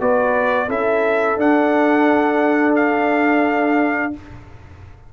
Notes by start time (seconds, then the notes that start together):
0.00 B3 F#4 B4 D5
0.68 C#4 E4 A4 E5
1.37 D4 F#5
2.75 F5